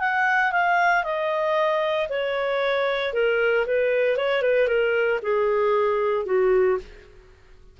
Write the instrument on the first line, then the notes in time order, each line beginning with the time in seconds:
clarinet
0.00 F#5
0.52 F5
1.04 D#5
2.10 C#5
3.14 A#4
3.67 B4
4.17 C#5
4.42 B4
4.68 A#4
5.23 G#4
6.26 F#4